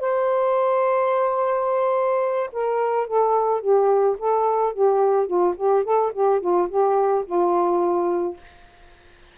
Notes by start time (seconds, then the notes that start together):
0.00 C5
2.53 A#4
3.07 A4
3.61 G4
4.19 A4
4.73 G4
5.27 F4
5.57 G4
5.84 A4
6.13 G4
6.41 F4
6.69 G4
7.26 F4